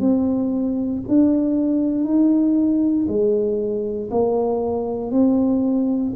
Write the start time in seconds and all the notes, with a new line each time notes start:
0.00 C4
1.08 D4
2.04 D#4
3.08 G#3
4.10 A#3
5.11 C4